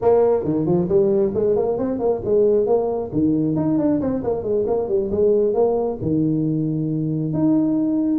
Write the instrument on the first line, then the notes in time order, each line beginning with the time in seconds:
tuba
0.01 A#3
0.43 D#3
0.65 F3
0.88 G3
1.34 G#3
1.56 A#3
1.77 C4
1.99 A#3
2.24 G#3
2.66 A#3
3.12 D#3
3.56 D#4
3.78 D4
4.00 C4
4.23 A#3
4.43 G#3
4.66 A#3
4.88 G3
5.11 G#3
5.54 A#3
6.01 D#3
7.33 D#4